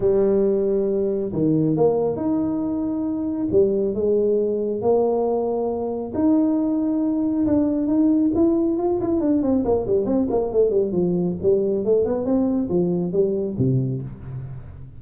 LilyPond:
\new Staff \with { instrumentName = "tuba" } { \time 4/4 \tempo 4 = 137 g2. dis4 | ais4 dis'2. | g4 gis2 ais4~ | ais2 dis'2~ |
dis'4 d'4 dis'4 e'4 | f'8 e'8 d'8 c'8 ais8 g8 c'8 ais8 | a8 g8 f4 g4 a8 b8 | c'4 f4 g4 c4 | }